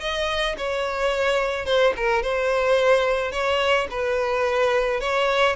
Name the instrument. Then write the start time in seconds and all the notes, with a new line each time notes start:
violin
0.00 D#5
0.57 C#5
1.65 C5
1.96 A#4
2.22 C5
3.32 C#5
3.90 B4
5.00 C#5